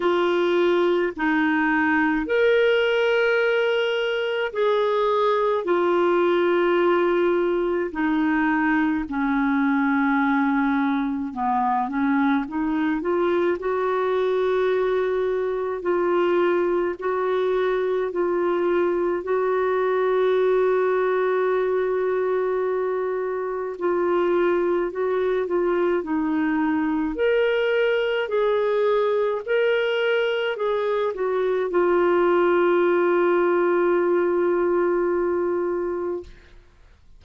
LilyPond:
\new Staff \with { instrumentName = "clarinet" } { \time 4/4 \tempo 4 = 53 f'4 dis'4 ais'2 | gis'4 f'2 dis'4 | cis'2 b8 cis'8 dis'8 f'8 | fis'2 f'4 fis'4 |
f'4 fis'2.~ | fis'4 f'4 fis'8 f'8 dis'4 | ais'4 gis'4 ais'4 gis'8 fis'8 | f'1 | }